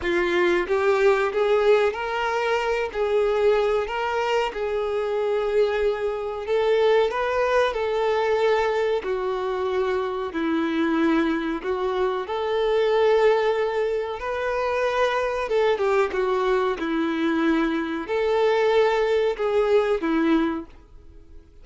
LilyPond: \new Staff \with { instrumentName = "violin" } { \time 4/4 \tempo 4 = 93 f'4 g'4 gis'4 ais'4~ | ais'8 gis'4. ais'4 gis'4~ | gis'2 a'4 b'4 | a'2 fis'2 |
e'2 fis'4 a'4~ | a'2 b'2 | a'8 g'8 fis'4 e'2 | a'2 gis'4 e'4 | }